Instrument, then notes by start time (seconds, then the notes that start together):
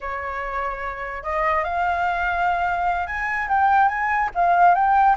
flute
0.01 C#5
1.23 D#5
1.63 F5
3.06 G#5
3.48 G5
3.88 G#5
4.34 F5
4.74 G5